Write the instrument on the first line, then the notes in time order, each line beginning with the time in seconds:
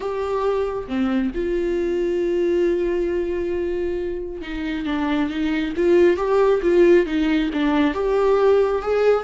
viola
0.00 G4
0.87 C4
1.34 F4
4.41 D#4
4.85 D4
5.29 D#4
5.76 F4
6.16 G4
6.62 F4
7.06 D#4
7.53 D4
7.94 G4
8.82 G#4